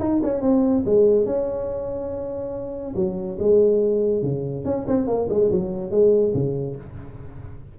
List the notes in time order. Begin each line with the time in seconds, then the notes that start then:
0.00 D#4
0.24 C#4
0.42 C4
0.86 G#3
1.26 C#4
2.96 F#3
3.40 G#3
4.23 C#3
4.65 C#4
4.88 C4
5.07 A#3
5.30 G#3
5.51 F#3
5.91 G#3
6.34 C#3